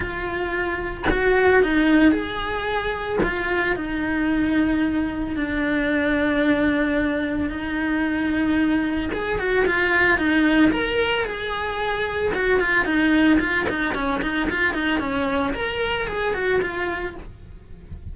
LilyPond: \new Staff \with { instrumentName = "cello" } { \time 4/4 \tempo 4 = 112 f'2 fis'4 dis'4 | gis'2 f'4 dis'4~ | dis'2 d'2~ | d'2 dis'2~ |
dis'4 gis'8 fis'8 f'4 dis'4 | ais'4 gis'2 fis'8 f'8 | dis'4 f'8 dis'8 cis'8 dis'8 f'8 dis'8 | cis'4 ais'4 gis'8 fis'8 f'4 | }